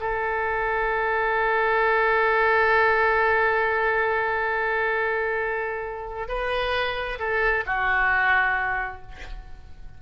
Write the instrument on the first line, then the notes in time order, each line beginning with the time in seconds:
oboe
0.00 A4
6.28 B4
7.19 A4
7.66 F#4